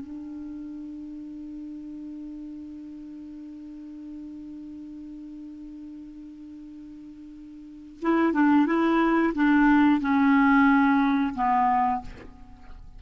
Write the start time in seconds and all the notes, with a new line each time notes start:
0.00 D4
8.02 E4
8.33 D4
8.66 E4
9.35 D4
10.01 C#4
11.35 B3